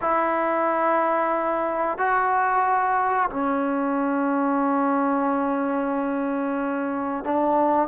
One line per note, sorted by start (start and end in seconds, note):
0.01 1.98 E4
1.98 3.29 F#4
3.30 7.24 C#4
7.24 7.88 D4